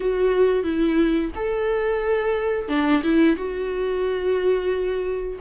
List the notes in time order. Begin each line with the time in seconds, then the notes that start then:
0.00 F#4
0.63 E4
1.35 A4
2.68 D4
3.03 E4
3.36 F#4